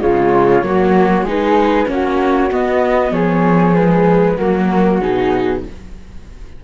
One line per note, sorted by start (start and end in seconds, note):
0.00 0.63 C#3
0.00 0.62 G#3
0.00 0.64 F4
0.00 1.27 C#5
0.63 1.23 F#3
0.63 1.27 A#3
0.63 1.25 F#4
1.23 1.85 G#3
1.23 1.86 D#4
1.23 1.87 G#4
1.23 1.89 B4
1.86 2.51 A#3
1.86 2.49 C#4
1.86 3.14 F#4
1.86 2.52 C#5
2.52 3.76 B3
2.52 3.12 B3
2.52 3.13 D#5
3.12 4.37 F3
3.12 4.36 G#4
3.12 3.76 C#5
3.76 4.38 G#3
3.76 4.38 B4
4.36 5.01 F#3
4.36 5.02 A#3
4.36 5.61 F#4
4.36 5.01 A#4
5.01 5.64 B2
5.01 5.65 D#4
5.01 5.64 G#4